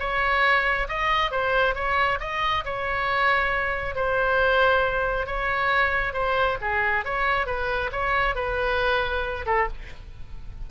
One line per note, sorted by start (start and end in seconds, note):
0.00 0.88 C#5
0.89 1.32 D#5
1.32 1.75 C5
1.75 2.19 C#5
2.21 2.65 D#5
2.65 3.96 C#5
3.96 5.27 C5
5.27 6.14 C#5
6.14 6.58 C5
6.62 7.05 G#4
7.05 7.47 C#5
7.47 7.91 B4
7.92 8.36 C#5
8.36 9.46 B4
9.46 9.68 A4